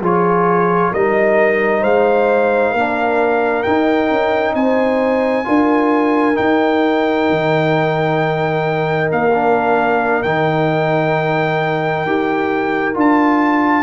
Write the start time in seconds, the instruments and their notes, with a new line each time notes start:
0.00 tuba F3, trombone F4, horn G#4, trumpet C#5
0.91 tuba G3, trombone D#4, horn A#4, trumpet D#5
1.81 tuba G#3, horn C5, trumpet F5
2.71 tuba A#3, trombone D4, horn A#4
3.63 trombone D#4, tuba D#4, trumpet G5
4.10 tuba C#4
4.54 tuba C4, horn C5, trumpet G#5
5.44 tuba D4, trombone F4, horn A#4
6.35 trombone D#4, tuba D#4, trumpet G5
7.30 tuba D#3
9.12 tuba A#3, trumpet F5
9.34 trombone D4
10.22 tuba D#3, trombone D#4, trumpet G5
12.06 tuba D#4, trombone G4
12.94 tuba D4, trombone F4, trumpet A5